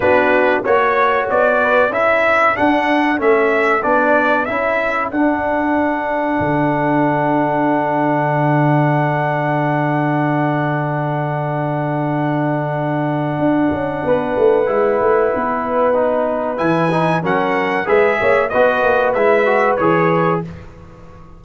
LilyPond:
<<
  \new Staff \with { instrumentName = "trumpet" } { \time 4/4 \tempo 4 = 94 b'4 cis''4 d''4 e''4 | fis''4 e''4 d''4 e''4 | fis''1~ | fis''1~ |
fis''1~ | fis''1~ | fis''2 gis''4 fis''4 | e''4 dis''4 e''4 cis''4 | }
  \new Staff \with { instrumentName = "horn" } { \time 4/4 fis'4 cis''4. b'8 a'4~ | a'1~ | a'1~ | a'1~ |
a'1~ | a'2 b'2~ | b'2. ais'4 | b'8 cis''8 b'2. | }
  \new Staff \with { instrumentName = "trombone" } { \time 4/4 d'4 fis'2 e'4 | d'4 cis'4 d'4 e'4 | d'1~ | d'1~ |
d'1~ | d'2. e'4~ | e'4 dis'4 e'8 dis'8 cis'4 | gis'4 fis'4 e'8 fis'8 gis'4 | }
  \new Staff \with { instrumentName = "tuba" } { \time 4/4 b4 ais4 b4 cis'4 | d'4 a4 b4 cis'4 | d'2 d2~ | d1~ |
d1~ | d4 d'8 cis'8 b8 a8 gis8 a8 | b2 e4 fis4 | gis8 ais8 b8 ais8 gis4 e4 | }
>>